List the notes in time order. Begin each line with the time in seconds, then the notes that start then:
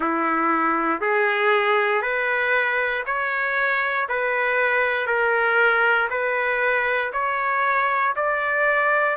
0.00 E4
1.00 G#4
2.02 B4
3.06 C#5
4.08 B4
5.06 A#4
6.10 B4
7.12 C#5
8.15 D5